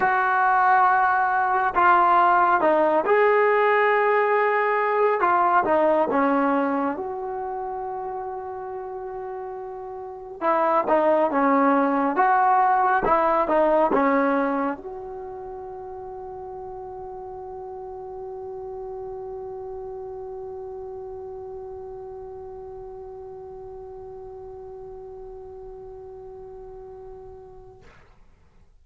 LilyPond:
\new Staff \with { instrumentName = "trombone" } { \time 4/4 \tempo 4 = 69 fis'2 f'4 dis'8 gis'8~ | gis'2 f'8 dis'8 cis'4 | fis'1 | e'8 dis'8 cis'4 fis'4 e'8 dis'8 |
cis'4 fis'2.~ | fis'1~ | fis'1~ | fis'1 | }